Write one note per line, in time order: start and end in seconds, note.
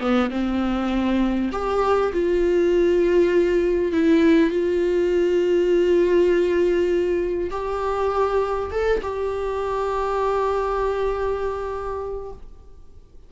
0.00 0.30 B3
0.30 1.50 C4
1.52 2.12 G4
2.13 3.92 F4
3.92 4.50 E4
4.50 7.50 F4
7.51 8.71 G4
8.72 9.02 A4
9.02 12.32 G4